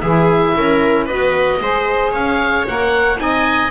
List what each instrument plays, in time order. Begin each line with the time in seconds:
0.00 double bass E3, saxophone E4, viola G#4, oboe E5
0.56 double bass C#4, viola A#4
1.05 double bass B3, saxophone F#4, viola B4, oboe D#5
1.60 double bass G#3, saxophone G#4, viola C5
2.11 double bass C#4, viola C#5, oboe F5
2.67 double bass A#3, saxophone A#4, oboe F#5
3.17 double bass C4, saxophone D#4, viola D#5, oboe G#5